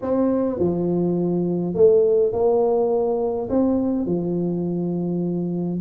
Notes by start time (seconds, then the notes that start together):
0.01 C4
0.59 F3
1.74 A3
2.32 A#3
3.50 C4
4.06 F3